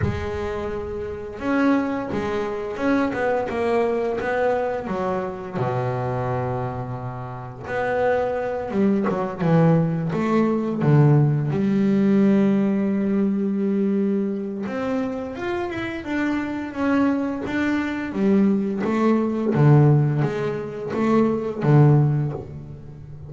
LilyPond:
\new Staff \with { instrumentName = "double bass" } { \time 4/4 \tempo 4 = 86 gis2 cis'4 gis4 | cis'8 b8 ais4 b4 fis4 | b,2. b4~ | b8 g8 fis8 e4 a4 d8~ |
d8 g2.~ g8~ | g4 c'4 f'8 e'8 d'4 | cis'4 d'4 g4 a4 | d4 gis4 a4 d4 | }